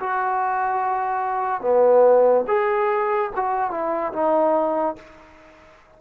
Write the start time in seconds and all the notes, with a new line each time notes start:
0.00 F#4
1.61 B3
2.47 G#4
3.36 F#4
3.70 E4
4.12 D#4